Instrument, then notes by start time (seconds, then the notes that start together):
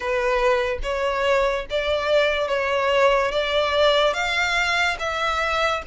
violin
0.00 B4
0.82 C#5
1.69 D5
2.48 C#5
3.31 D5
4.13 F5
4.98 E5